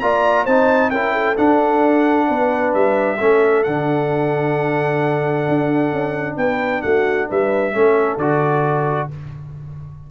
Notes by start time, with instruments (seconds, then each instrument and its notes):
0.00 tuba A#3, trombone F4, horn D5, trumpet A#5
0.45 tuba C4, trombone D#4, horn C5, trumpet A5
0.90 tuba C#4, trombone E4, horn A#4, trumpet G5
1.13 horn A4
1.36 trombone D4, tuba D4, trumpet F#5
2.28 tuba B3, horn B4
2.74 tuba G3, trumpet E5
3.18 tuba A3, trombone C#4, horn A4
3.63 tuba D3, trombone D4, trumpet F#5
5.48 tuba D4
5.92 tuba C#4
6.37 tuba B3, horn B4, trumpet G5
6.82 tuba A3, horn F#4, trumpet F#5
7.29 tuba G3, horn B4, trumpet E5
7.73 tuba A3, trombone C#4, horn A4
8.17 tuba D3, trombone F#4, trumpet D5